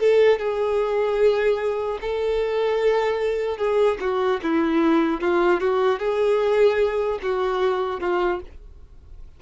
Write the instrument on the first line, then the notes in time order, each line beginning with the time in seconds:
violin
0.00 A4
0.39 G#4
2.02 A4
3.58 G#4
4.01 F#4
4.43 E4
5.21 F4
5.61 F#4
6.00 G#4
7.23 F#4
8.01 F4